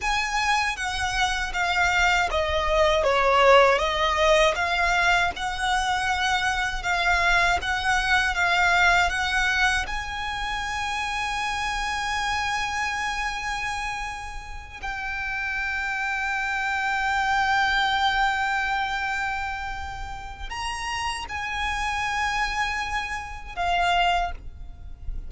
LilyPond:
\new Staff \with { instrumentName = "violin" } { \time 4/4 \tempo 4 = 79 gis''4 fis''4 f''4 dis''4 | cis''4 dis''4 f''4 fis''4~ | fis''4 f''4 fis''4 f''4 | fis''4 gis''2.~ |
gis''2.~ gis''8 g''8~ | g''1~ | g''2. ais''4 | gis''2. f''4 | }